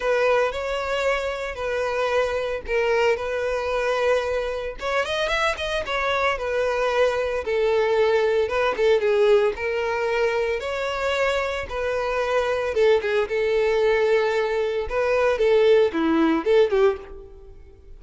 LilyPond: \new Staff \with { instrumentName = "violin" } { \time 4/4 \tempo 4 = 113 b'4 cis''2 b'4~ | b'4 ais'4 b'2~ | b'4 cis''8 dis''8 e''8 dis''8 cis''4 | b'2 a'2 |
b'8 a'8 gis'4 ais'2 | cis''2 b'2 | a'8 gis'8 a'2. | b'4 a'4 e'4 a'8 g'8 | }